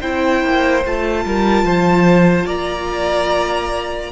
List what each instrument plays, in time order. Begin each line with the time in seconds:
0.00 cello C4, viola E4, violin C5 G5
0.43 cello A#3
0.85 cello A3, viola F4, violin A5
1.25 cello G3, violin A#4
1.63 cello F3, violin C5
2.46 cello A#3, violin D5 A#5